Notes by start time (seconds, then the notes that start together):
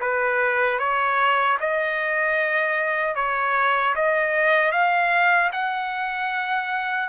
0.00 B4
0.79 C#5
1.60 D#5
3.15 C#5
3.95 D#5
4.72 F5
5.52 F#5